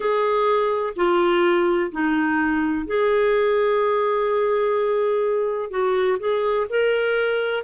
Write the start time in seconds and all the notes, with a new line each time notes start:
0.00 G#4
0.95 F4
1.91 D#4
2.86 G#4
5.70 F#4
6.19 G#4
6.69 A#4